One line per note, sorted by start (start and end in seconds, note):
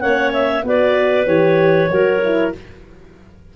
0.00 0.63 A#3
0.00 0.63 C#4
0.00 0.65 C#5
0.00 0.32 F#5
0.33 0.64 E5
0.63 1.26 B3
0.63 1.26 F#4
0.63 1.92 B4
0.63 1.26 D5
1.26 1.89 E3
1.26 1.89 G4
1.26 2.53 C#5
1.89 2.52 F#3
1.89 2.23 F#4
1.89 2.55 A#4
2.24 2.56 E4